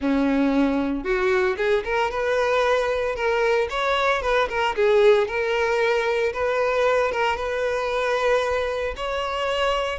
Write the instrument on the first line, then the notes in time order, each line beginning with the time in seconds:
violin
0.00 C#4
1.04 F#4
1.57 G#4
1.84 A#4
2.11 B4
3.15 A#4
3.69 C#5
4.22 B4
4.49 A#4
4.75 G#4
5.27 A#4
6.33 B4
7.11 A#4
7.36 B4
8.96 C#5